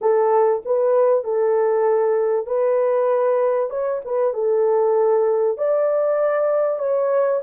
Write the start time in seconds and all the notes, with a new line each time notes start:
0.01 A4
0.65 B4
1.24 A4
2.46 B4
3.70 C#5
4.04 B4
4.33 A4
5.57 D5
6.78 C#5